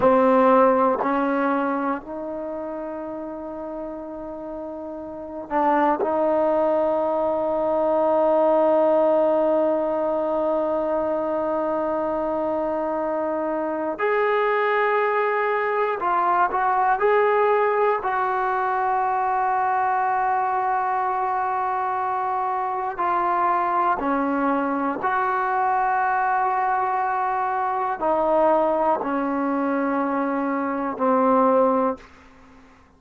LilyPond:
\new Staff \with { instrumentName = "trombone" } { \time 4/4 \tempo 4 = 60 c'4 cis'4 dis'2~ | dis'4. d'8 dis'2~ | dis'1~ | dis'2 gis'2 |
f'8 fis'8 gis'4 fis'2~ | fis'2. f'4 | cis'4 fis'2. | dis'4 cis'2 c'4 | }